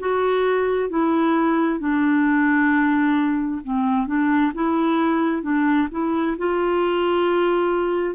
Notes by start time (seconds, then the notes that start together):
0.00 F#4
0.90 E4
1.80 D4
3.64 C4
4.07 D4
4.55 E4
5.43 D4
5.92 E4
6.38 F4